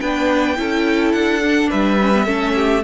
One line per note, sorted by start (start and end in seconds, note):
0.00 0.58 B3
0.00 0.56 D4
0.00 0.57 B4
0.00 1.12 G5
0.56 1.13 C#4
0.56 1.41 E4
0.56 1.70 A4
1.12 1.70 D4
1.12 1.69 F#5
1.42 1.98 D4
1.70 2.27 G3
1.70 2.24 B4
1.70 2.83 E5
2.00 2.14 C#4
2.14 2.25 B3
2.24 2.83 A3
2.24 2.82 C#4
2.24 2.53 A4
2.55 2.83 G4